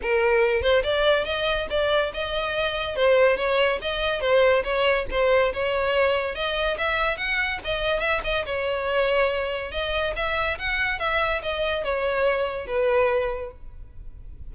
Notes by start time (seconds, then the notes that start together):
0.01 A#4
0.61 C5
0.83 D5
1.25 D#5
1.70 D5
2.13 D#5
2.96 C5
3.36 C#5
3.81 D#5
4.20 C5
4.63 C#5
5.10 C5
5.53 C#5
6.35 D#5
6.77 E5
7.17 F#5
7.64 D#5
8.00 E5
8.24 D#5
8.45 C#5
9.71 D#5
10.15 E5
10.58 F#5
10.99 E5
11.42 D#5
11.84 C#5
12.66 B4